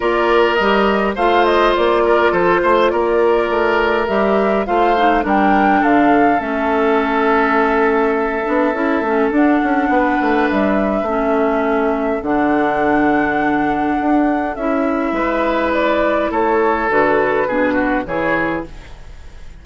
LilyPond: <<
  \new Staff \with { instrumentName = "flute" } { \time 4/4 \tempo 4 = 103 d''4 dis''4 f''8 dis''8 d''4 | c''4 d''2 e''4 | f''4 g''4 f''4 e''4~ | e''1 |
fis''2 e''2~ | e''4 fis''2.~ | fis''4 e''2 d''4 | cis''4 b'2 cis''4 | }
  \new Staff \with { instrumentName = "oboe" } { \time 4/4 ais'2 c''4. ais'8 | a'8 c''8 ais'2. | c''4 ais'4 a'2~ | a'1~ |
a'4 b'2 a'4~ | a'1~ | a'2 b'2 | a'2 gis'8 fis'8 gis'4 | }
  \new Staff \with { instrumentName = "clarinet" } { \time 4/4 f'4 g'4 f'2~ | f'2. g'4 | f'8 dis'8 d'2 cis'4~ | cis'2~ cis'8 d'8 e'8 cis'8 |
d'2. cis'4~ | cis'4 d'2.~ | d'4 e'2.~ | e'4 fis'4 d'4 e'4 | }
  \new Staff \with { instrumentName = "bassoon" } { \time 4/4 ais4 g4 a4 ais4 | f8 a8 ais4 a4 g4 | a4 g4 d4 a4~ | a2~ a8 b8 cis'8 a8 |
d'8 cis'8 b8 a8 g4 a4~ | a4 d2. | d'4 cis'4 gis2 | a4 d4 b,4 e4 | }
>>